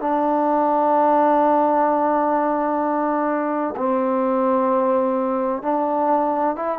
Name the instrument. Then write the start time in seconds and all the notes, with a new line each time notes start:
trombone
0.00 D4
3.77 C4
5.62 D4
6.56 E4